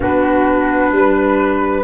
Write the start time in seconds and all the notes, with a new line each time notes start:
0.00 B3 D4 F#4 B4
0.91 G3 B4